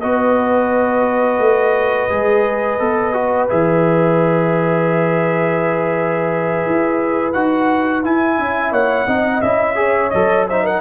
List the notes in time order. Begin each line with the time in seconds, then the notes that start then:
0.00 B3 F#4 B4 D#5
1.39 A3
2.10 G#3 G#4
2.79 B3 A4
3.13 F#4
3.49 E3 G#4 E5
6.66 E4
7.33 D#4 F#4 F#5
8.03 E4 G#5
8.38 C#4 E5
8.72 A#3 C#5 F#5
9.07 C4 D#4 D#5
9.41 C#4 E4 E5
9.75 G#4 C#5
10.10 F#3 A4 D#5
10.49 D#4 C5 E5
10.63 A#4 F#5